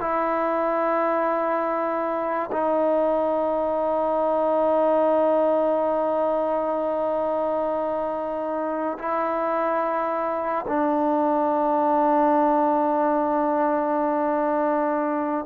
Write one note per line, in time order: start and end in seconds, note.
0.00 2.50 E4
2.52 8.98 D#4
8.98 10.65 E4
10.67 15.45 D4